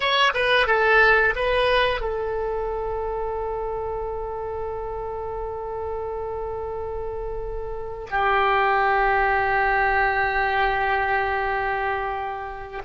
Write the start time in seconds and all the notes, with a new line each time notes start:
0.00 C#5
0.34 B4
0.66 A4
1.35 B4
2.00 A4
8.10 G4